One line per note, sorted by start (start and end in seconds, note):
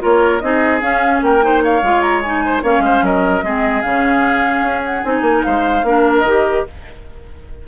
0.00 0.42 A#3
0.00 0.40 F4
0.00 0.42 A#4
0.00 0.40 C#5
0.40 0.82 C4
0.40 0.81 D#4
0.40 1.25 G#4
0.40 0.80 D#5
0.81 1.41 C#4
0.81 1.22 C#4
0.81 1.21 F5
1.22 1.82 A#3
1.22 1.44 A#4
1.22 1.63 G5
1.41 1.81 D#4
1.41 1.63 C5
1.63 2.44 C#5
1.63 2.01 F5
1.82 2.63 G#3
1.82 2.24 F4
2.01 2.21 A#5
2.22 2.63 D#4
2.22 2.62 G#5
2.45 2.62 C5
2.62 2.79 A#3
2.62 3.43 C#4
2.62 2.83 C#5
2.62 3.04 F5
2.79 2.99 G#3
2.79 3.04 C5
3.02 3.42 F#3
3.02 3.44 A#4
3.02 3.82 D#5
3.42 3.83 G#3
3.42 3.84 C4
3.42 5.35 G#4
3.82 4.62 C#3
3.82 5.04 C#4
3.82 4.82 F5
4.62 5.02 C#4
4.85 5.04 F#5
5.04 5.21 C4
5.04 5.84 D#4
5.04 5.43 G#5
5.21 5.41 A#3
5.38 5.45 A#4
5.38 6.14 F5
5.45 5.83 G#3
5.45 5.85 C5
5.83 6.23 A#3
5.83 6.27 D4
5.83 6.67 A#4
6.17 6.67 D#5
6.23 6.63 D#3
6.23 6.67 G4